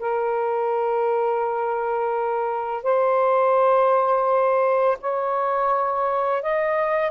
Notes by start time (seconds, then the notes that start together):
0.00 A#4
2.84 C5
5.01 C#5
6.43 D#5